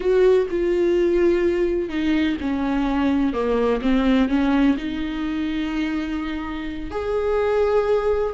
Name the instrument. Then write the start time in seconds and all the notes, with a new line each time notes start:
viola
0.00 F#4
0.50 F4
1.89 D#4
2.40 C#4
3.33 A#3
3.81 C4
4.29 C#4
4.77 D#4
6.90 G#4